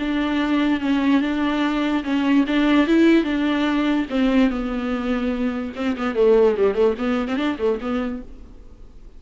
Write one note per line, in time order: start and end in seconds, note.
0.00 0.81 D4
0.81 1.22 C#4
1.22 2.04 D4
2.04 2.45 C#4
2.48 2.87 D4
2.87 3.24 E4
3.24 4.06 D4
4.11 4.50 C4
4.50 5.73 B3
5.76 5.97 C4
5.98 6.16 B3
6.16 6.57 A3
6.57 6.75 G3
6.75 6.95 A3
6.99 7.29 B3
7.29 7.37 C4
7.37 7.58 D4
7.59 7.80 A3
7.82 8.23 B3